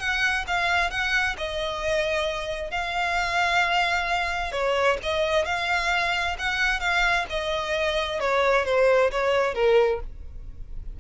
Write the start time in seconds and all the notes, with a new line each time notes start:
0.00 F#5
0.48 F5
0.91 F#5
1.38 D#5
2.71 F5
4.52 C#5
5.03 D#5
5.46 F5
6.39 F#5
6.80 F5
7.30 D#5
8.20 C#5
8.66 C5
9.12 C#5
9.55 A#4